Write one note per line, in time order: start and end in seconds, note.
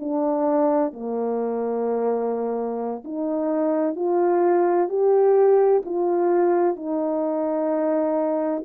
0.00 0.93 D4
0.93 3.04 A#3
3.05 3.96 D#4
3.96 4.89 F4
4.89 5.83 G4
5.86 6.76 F4
6.76 8.64 D#4